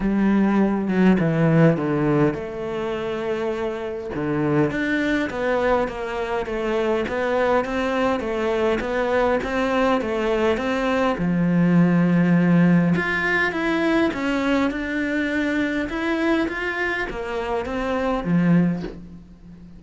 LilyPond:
\new Staff \with { instrumentName = "cello" } { \time 4/4 \tempo 4 = 102 g4. fis8 e4 d4 | a2. d4 | d'4 b4 ais4 a4 | b4 c'4 a4 b4 |
c'4 a4 c'4 f4~ | f2 f'4 e'4 | cis'4 d'2 e'4 | f'4 ais4 c'4 f4 | }